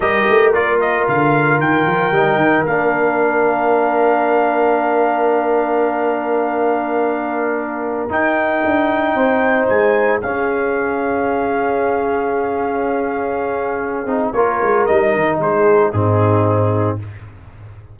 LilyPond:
<<
  \new Staff \with { instrumentName = "trumpet" } { \time 4/4 \tempo 4 = 113 dis''4 d''8 dis''8 f''4 g''4~ | g''4 f''2.~ | f''1~ | f''2.~ f''16 g''8.~ |
g''2~ g''16 gis''4 f''8.~ | f''1~ | f''2. cis''4 | dis''4 c''4 gis'2 | }
  \new Staff \with { instrumentName = "horn" } { \time 4/4 ais'1~ | ais'1~ | ais'1~ | ais'1~ |
ais'4~ ais'16 c''2 gis'8.~ | gis'1~ | gis'2. ais'4~ | ais'4 gis'4 dis'2 | }
  \new Staff \with { instrumentName = "trombone" } { \time 4/4 g'4 f'2. | dis'4 d'2.~ | d'1~ | d'2.~ d'16 dis'8.~ |
dis'2.~ dis'16 cis'8.~ | cis'1~ | cis'2~ cis'8 dis'8 f'4 | dis'2 c'2 | }
  \new Staff \with { instrumentName = "tuba" } { \time 4/4 g8 a8 ais4 d4 dis8 f8 | g8 dis8 ais2.~ | ais1~ | ais2.~ ais16 dis'8.~ |
dis'16 d'4 c'4 gis4 cis'8.~ | cis'1~ | cis'2~ cis'8 c'8 ais8 gis8 | g8 dis8 gis4 gis,2 | }
>>